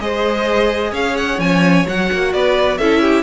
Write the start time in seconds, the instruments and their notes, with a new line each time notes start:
0.00 cello G#3, viola G#4, violin C5 D#5
0.91 cello C#4, violin C#5 F5
1.17 violin F#5
1.38 cello F3, viola C#4, violin G#5
1.86 cello F#3, viola F#4, violin F#5
2.12 cello A#3
2.33 cello B3, violin B4 D5
2.78 cello C#4, viola E4, violin A4 E5
3.01 violin G4